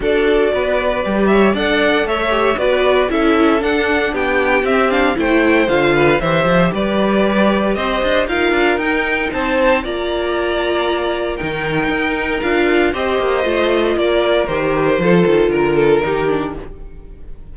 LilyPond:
<<
  \new Staff \with { instrumentName = "violin" } { \time 4/4 \tempo 4 = 116 d''2~ d''8 e''8 fis''4 | e''4 d''4 e''4 fis''4 | g''4 e''8 f''8 g''4 f''4 | e''4 d''2 dis''4 |
f''4 g''4 a''4 ais''4~ | ais''2 g''2 | f''4 dis''2 d''4 | c''2 ais'2 | }
  \new Staff \with { instrumentName = "violin" } { \time 4/4 a'4 b'4. cis''8 d''4 | cis''4 b'4 a'2 | g'2 c''4. b'8 | c''4 b'2 c''4 |
ais'2 c''4 d''4~ | d''2 ais'2~ | ais'4 c''2 ais'4~ | ais'4 a'4 ais'8 a'8 g'4 | }
  \new Staff \with { instrumentName = "viola" } { \time 4/4 fis'2 g'4 a'4~ | a'8 g'8 fis'4 e'4 d'4~ | d'4 c'8 d'8 e'4 f'4 | g'1 |
f'4 dis'2 f'4~ | f'2 dis'2 | f'4 g'4 f'2 | g'4 f'2 dis'8 d'8 | }
  \new Staff \with { instrumentName = "cello" } { \time 4/4 d'4 b4 g4 d'4 | a4 b4 cis'4 d'4 | b4 c'4 a4 d4 | e8 f8 g2 c'8 d'8 |
dis'8 d'8 dis'4 c'4 ais4~ | ais2 dis4 dis'4 | d'4 c'8 ais8 a4 ais4 | dis4 f8 dis8 d4 dis4 | }
>>